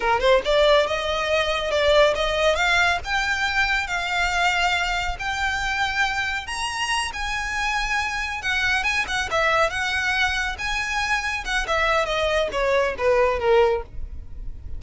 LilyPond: \new Staff \with { instrumentName = "violin" } { \time 4/4 \tempo 4 = 139 ais'8 c''8 d''4 dis''2 | d''4 dis''4 f''4 g''4~ | g''4 f''2. | g''2. ais''4~ |
ais''8 gis''2. fis''8~ | fis''8 gis''8 fis''8 e''4 fis''4.~ | fis''8 gis''2 fis''8 e''4 | dis''4 cis''4 b'4 ais'4 | }